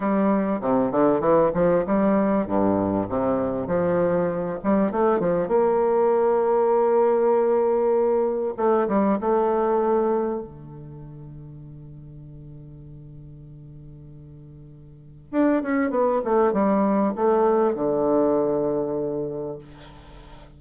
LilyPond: \new Staff \with { instrumentName = "bassoon" } { \time 4/4 \tempo 4 = 98 g4 c8 d8 e8 f8 g4 | g,4 c4 f4. g8 | a8 f8 ais2.~ | ais2 a8 g8 a4~ |
a4 d2.~ | d1~ | d4 d'8 cis'8 b8 a8 g4 | a4 d2. | }